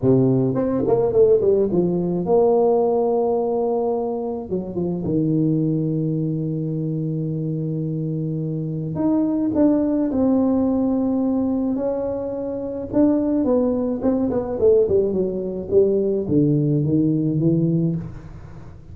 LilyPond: \new Staff \with { instrumentName = "tuba" } { \time 4/4 \tempo 4 = 107 c4 c'8 ais8 a8 g8 f4 | ais1 | fis8 f8 dis2.~ | dis1 |
dis'4 d'4 c'2~ | c'4 cis'2 d'4 | b4 c'8 b8 a8 g8 fis4 | g4 d4 dis4 e4 | }